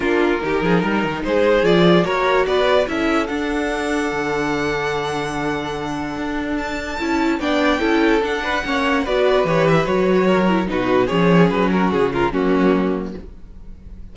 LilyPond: <<
  \new Staff \with { instrumentName = "violin" } { \time 4/4 \tempo 4 = 146 ais'2. c''4 | d''4 cis''4 d''4 e''4 | fis''1~ | fis''1 |
a''2 g''2 | fis''2 d''4 cis''8 e''8 | cis''2 b'4 cis''4 | b'8 ais'8 gis'8 ais'8 fis'2 | }
  \new Staff \with { instrumentName = "violin" } { \time 4/4 f'4 g'8 gis'8 ais'4 gis'4~ | gis'4 ais'4 b'4 a'4~ | a'1~ | a'1~ |
a'2 d''4 a'4~ | a'8 b'8 cis''4 b'2~ | b'4 ais'4 fis'4 gis'4~ | gis'8 fis'4 f'8 cis'2 | }
  \new Staff \with { instrumentName = "viola" } { \time 4/4 d'4 dis'2. | f'4 fis'2 e'4 | d'1~ | d'1~ |
d'4 e'4 d'4 e'4 | d'4 cis'4 fis'4 g'4 | fis'4. e'8 dis'4 cis'4~ | cis'2 ais2 | }
  \new Staff \with { instrumentName = "cello" } { \time 4/4 ais4 dis8 f8 g8 dis8 gis4 | f4 ais4 b4 cis'4 | d'2 d2~ | d2. d'4~ |
d'4 cis'4 b4 cis'4 | d'4 ais4 b4 e4 | fis2 b,4 f4 | fis4 cis4 fis2 | }
>>